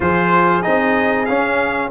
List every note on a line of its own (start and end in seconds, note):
0.00 0.63 F3
0.00 0.63 F4
0.00 1.90 G#4
0.00 0.62 C5
0.62 1.28 C4
0.62 1.27 D#4
0.62 1.25 D#5
1.25 1.90 C#4
1.25 1.89 F5